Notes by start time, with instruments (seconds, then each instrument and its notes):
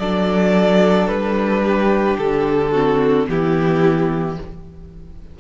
0.00 cello F#3, viola D4, violin A4 D5
1.08 cello G3, violin B4
1.63 violin G4
2.18 cello D3, violin A4
2.72 viola C4, violin F#4
3.28 cello E3, viola B3, violin E4 G4